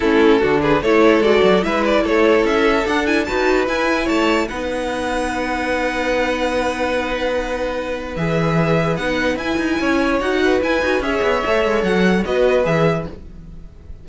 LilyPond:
<<
  \new Staff \with { instrumentName = "violin" } { \time 4/4 \tempo 4 = 147 a'4. b'8 cis''4 d''4 | e''8 d''8 cis''4 e''4 fis''8 gis''8 | a''4 gis''4 a''4 fis''4~ | fis''1~ |
fis''1 | e''2 fis''4 gis''4~ | gis''4 fis''4 gis''4 e''4~ | e''4 fis''4 dis''4 e''4 | }
  \new Staff \with { instrumentName = "violin" } { \time 4/4 e'4 fis'8 gis'8 a'2 | b'4 a'2. | b'2 cis''4 b'4~ | b'1~ |
b'1~ | b'1 | cis''4. b'4. cis''4~ | cis''2 b'2 | }
  \new Staff \with { instrumentName = "viola" } { \time 4/4 cis'4 d'4 e'4 fis'4 | e'2. d'8 e'8 | fis'4 e'2 dis'4~ | dis'1~ |
dis'1 | gis'2 dis'4 e'4~ | e'4 fis'4 e'8 fis'8 gis'4 | a'2 fis'4 gis'4 | }
  \new Staff \with { instrumentName = "cello" } { \time 4/4 a4 d4 a4 gis8 fis8 | gis4 a4 cis'4 d'4 | dis'4 e'4 a4 b4~ | b1~ |
b1 | e2 b4 e'8 dis'8 | cis'4 dis'4 e'8 dis'8 cis'8 b8 | a8 gis8 fis4 b4 e4 | }
>>